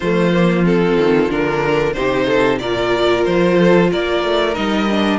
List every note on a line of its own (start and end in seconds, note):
0.00 0.97 F3
0.00 0.32 A3
0.00 1.95 F4
0.00 0.64 C5
0.32 0.64 A#3
0.64 1.29 C4
0.64 1.30 A4
0.97 1.29 D#3
1.29 1.96 D3
1.29 1.94 D4
1.29 1.93 A#4
1.93 2.60 C3
1.93 2.60 D#4
1.93 2.26 G4
1.93 2.58 C5
2.26 2.59 A4
2.59 3.25 A#2
2.59 4.54 F4
2.59 3.57 A#4
2.59 3.24 D5
3.25 3.91 F3
3.25 3.90 C5
3.57 3.90 A4
3.91 4.23 A#3
3.91 5.18 A#4
3.91 4.54 D5
4.23 4.56 A3
4.54 5.18 G3
4.54 4.86 D#4
4.54 5.18 D#5
4.90 5.18 D4